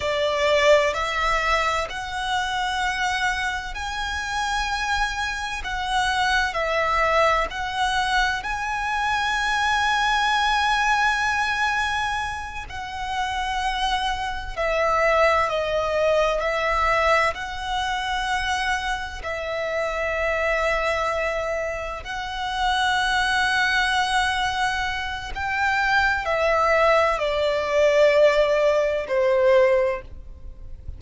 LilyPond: \new Staff \with { instrumentName = "violin" } { \time 4/4 \tempo 4 = 64 d''4 e''4 fis''2 | gis''2 fis''4 e''4 | fis''4 gis''2.~ | gis''4. fis''2 e''8~ |
e''8 dis''4 e''4 fis''4.~ | fis''8 e''2. fis''8~ | fis''2. g''4 | e''4 d''2 c''4 | }